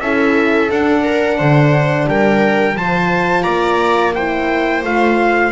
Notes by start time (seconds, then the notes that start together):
0.00 C#4 E4 A4 E5
0.70 D4 F#5
1.03 A#4
1.37 D3 C5
2.07 G3 A#4 G5
2.75 F3 F4 C5 A5
3.42 A#3 D5 A#5
4.14 E4 C5 G5
4.82 A3 F4 F5